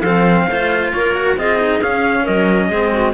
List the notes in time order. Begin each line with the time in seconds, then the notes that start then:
0.00 F3 C4 A4 F5
0.48 A3 F4 C5
0.92 A#3 A#4 C#5
1.15 F#4
1.37 C4 F4 G#4 D#5
1.59 D#4
1.81 C#4 F5
2.23 F#3 A#4 D#5
2.68 G#3 C4 G#4
2.92 F#4